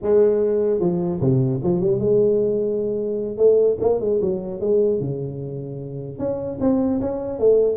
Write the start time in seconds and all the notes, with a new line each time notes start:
0.01 G#3
0.80 F3
1.20 C3
1.63 F3
1.81 G3
1.99 G#3
3.37 A3
3.80 A#3
4.00 G#3
4.21 F#3
4.60 G#3
4.99 C#3
6.18 C#4
6.60 C4
7.00 C#4
7.39 A3